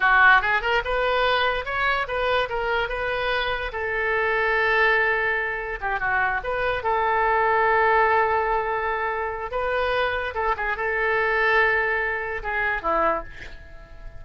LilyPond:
\new Staff \with { instrumentName = "oboe" } { \time 4/4 \tempo 4 = 145 fis'4 gis'8 ais'8 b'2 | cis''4 b'4 ais'4 b'4~ | b'4 a'2.~ | a'2 g'8 fis'4 b'8~ |
b'8 a'2.~ a'8~ | a'2. b'4~ | b'4 a'8 gis'8 a'2~ | a'2 gis'4 e'4 | }